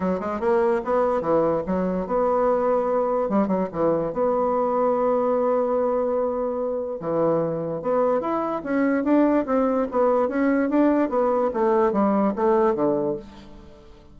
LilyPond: \new Staff \with { instrumentName = "bassoon" } { \time 4/4 \tempo 4 = 146 fis8 gis8 ais4 b4 e4 | fis4 b2. | g8 fis8 e4 b2~ | b1~ |
b4 e2 b4 | e'4 cis'4 d'4 c'4 | b4 cis'4 d'4 b4 | a4 g4 a4 d4 | }